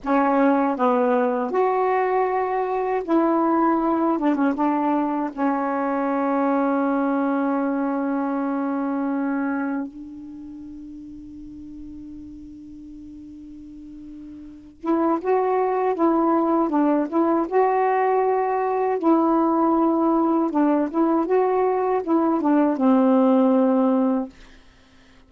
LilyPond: \new Staff \with { instrumentName = "saxophone" } { \time 4/4 \tempo 4 = 79 cis'4 b4 fis'2 | e'4. d'16 cis'16 d'4 cis'4~ | cis'1~ | cis'4 d'2.~ |
d'2.~ d'8 e'8 | fis'4 e'4 d'8 e'8 fis'4~ | fis'4 e'2 d'8 e'8 | fis'4 e'8 d'8 c'2 | }